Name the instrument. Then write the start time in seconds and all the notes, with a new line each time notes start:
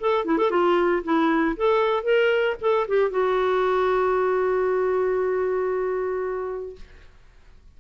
clarinet
0.00 A4
0.25 E4
0.37 A4
0.50 F4
1.03 E4
1.56 A4
2.03 A#4
2.61 A4
2.87 G4
3.10 F#4